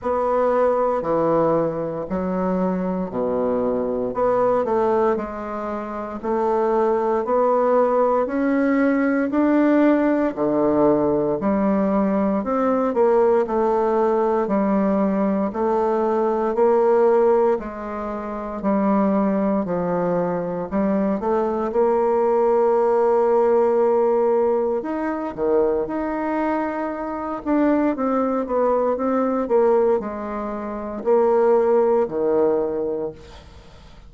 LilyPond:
\new Staff \with { instrumentName = "bassoon" } { \time 4/4 \tempo 4 = 58 b4 e4 fis4 b,4 | b8 a8 gis4 a4 b4 | cis'4 d'4 d4 g4 | c'8 ais8 a4 g4 a4 |
ais4 gis4 g4 f4 | g8 a8 ais2. | dis'8 dis8 dis'4. d'8 c'8 b8 | c'8 ais8 gis4 ais4 dis4 | }